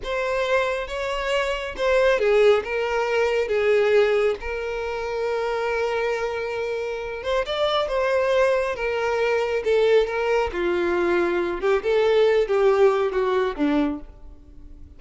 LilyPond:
\new Staff \with { instrumentName = "violin" } { \time 4/4 \tempo 4 = 137 c''2 cis''2 | c''4 gis'4 ais'2 | gis'2 ais'2~ | ais'1~ |
ais'8 c''8 d''4 c''2 | ais'2 a'4 ais'4 | f'2~ f'8 g'8 a'4~ | a'8 g'4. fis'4 d'4 | }